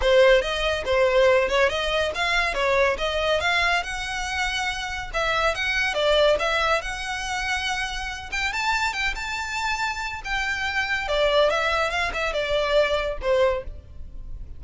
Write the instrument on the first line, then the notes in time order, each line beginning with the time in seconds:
violin
0.01 C5
0.41 D#5
0.85 C5
1.48 C#5
1.69 D#5
2.15 F5
2.54 C#5
2.98 D#5
3.40 F5
3.83 F#5
5.13 E5
5.54 F#5
5.94 D5
6.39 E5
6.81 F#5
8.31 G5
8.52 A5
8.93 G5
9.15 A5
10.24 G5
11.08 D5
11.50 E5
11.90 F5
12.13 E5
12.33 D5
13.21 C5